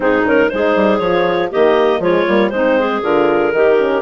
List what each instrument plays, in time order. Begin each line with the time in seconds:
0.00 bassoon G#2, horn C4, clarinet D#4 G#4
0.25 horn C#4, clarinet A#4
0.49 bassoon G#3, horn D#4, clarinet G#4 C5
0.75 bassoon G3
0.98 bassoon F3, horn F4, clarinet C#5
1.50 bassoon D#3, horn A#3, clarinet G4 D#5
1.99 bassoon F3, horn G#3, clarinet F4 C#5
2.25 bassoon G3, horn A#3
2.49 bassoon G#3, horn C4, clarinet D#4 C5
2.78 clarinet G#4
3.02 bassoon D3, horn F4, clarinet A#4
3.53 bassoon D#3, horn D#4, clarinet G4
3.78 horn C#4